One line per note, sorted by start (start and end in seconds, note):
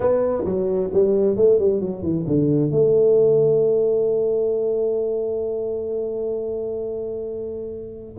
0.00 0.44 B3
0.44 0.90 F#3
0.93 1.36 G3
1.36 1.59 A3
1.59 1.80 G3
1.80 2.02 F#3
2.02 2.25 E3
2.27 2.71 D3
2.71 8.16 A3